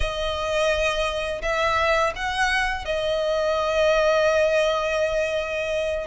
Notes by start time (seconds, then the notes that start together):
0.00 D#5
1.42 E5
2.15 F#5
2.85 D#5